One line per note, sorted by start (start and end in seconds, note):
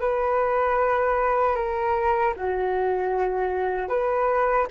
0.00 1.55 B4
1.55 2.33 A#4
2.36 3.89 F#4
3.89 4.66 B4